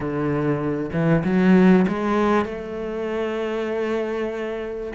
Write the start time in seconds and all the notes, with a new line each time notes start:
0.00 D3
0.92 E3
1.24 F#3
1.88 G#3
2.45 A3